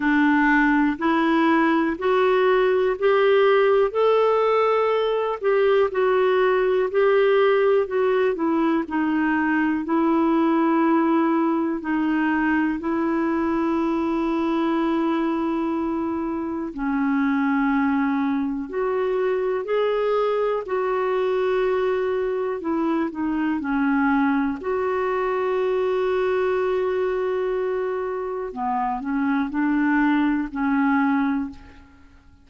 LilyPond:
\new Staff \with { instrumentName = "clarinet" } { \time 4/4 \tempo 4 = 61 d'4 e'4 fis'4 g'4 | a'4. g'8 fis'4 g'4 | fis'8 e'8 dis'4 e'2 | dis'4 e'2.~ |
e'4 cis'2 fis'4 | gis'4 fis'2 e'8 dis'8 | cis'4 fis'2.~ | fis'4 b8 cis'8 d'4 cis'4 | }